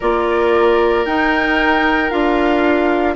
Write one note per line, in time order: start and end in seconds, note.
0.00 1.05 A#3
0.00 1.06 F4
0.00 3.14 A#4
0.00 1.05 D5
1.05 2.11 D#4
1.05 2.10 D#4
1.05 2.10 G5
2.10 3.16 D4
2.10 3.15 F4
2.10 3.15 F5